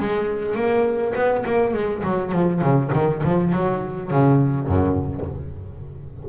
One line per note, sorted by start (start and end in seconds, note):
0.00 0.55 G#3
0.55 1.14 A#3
1.15 1.45 B3
1.46 1.74 A#3
1.74 2.03 G#3
2.04 2.32 F#3
2.32 2.61 F3
2.62 2.91 C#3
2.93 3.23 D#3
3.24 3.53 F3
3.53 4.11 F#3
4.11 4.67 C#3
4.67 5.26 F#2